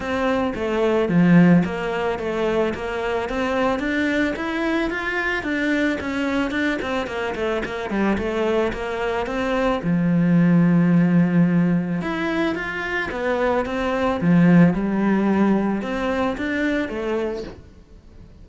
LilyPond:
\new Staff \with { instrumentName = "cello" } { \time 4/4 \tempo 4 = 110 c'4 a4 f4 ais4 | a4 ais4 c'4 d'4 | e'4 f'4 d'4 cis'4 | d'8 c'8 ais8 a8 ais8 g8 a4 |
ais4 c'4 f2~ | f2 e'4 f'4 | b4 c'4 f4 g4~ | g4 c'4 d'4 a4 | }